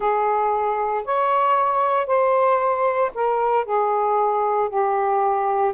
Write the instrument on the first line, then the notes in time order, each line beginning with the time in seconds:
saxophone
0.00 G#4
1.04 C#5
2.06 C5
3.14 A#4
3.65 G#4
4.69 G4